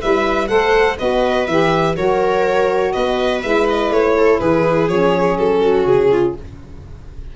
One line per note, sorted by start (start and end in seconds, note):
0.00 0.50 G3
0.00 0.47 E4
0.00 0.49 B4
0.00 0.48 E5
0.47 0.98 A3
0.47 0.96 A4
0.47 0.99 C5
0.47 0.97 F#5
0.98 1.47 B3
0.98 1.47 F#4
0.98 1.97 B4
0.98 1.47 D#5
1.47 1.96 E3
1.47 1.96 G4
1.47 1.96 E5
1.96 2.94 F#3
1.96 3.42 F#4
1.96 2.94 A#4
1.96 2.92 C#5
2.92 3.44 B3
2.92 4.16 B4
2.92 3.41 D#5
3.42 3.90 G#3
3.42 4.88 E4
3.42 3.67 E5
3.69 3.92 D#5
3.90 4.39 A3
3.90 4.39 C#5
4.16 4.40 A4
4.39 4.88 E3
4.39 5.60 G#4
4.39 4.88 B4
4.88 5.37 F3
4.88 6.36 C#4
4.88 5.37 C#5
5.37 5.86 F#3
5.37 5.86 A4
5.60 6.09 F#4
5.86 6.34 C#3
5.86 6.35 G#4
6.11 6.36 F4